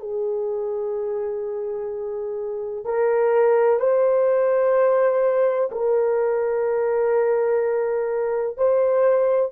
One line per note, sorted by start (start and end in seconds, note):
0.00 2.85 G#4
2.85 3.80 A#4
3.80 5.70 C5
5.71 8.57 A#4
8.57 9.52 C5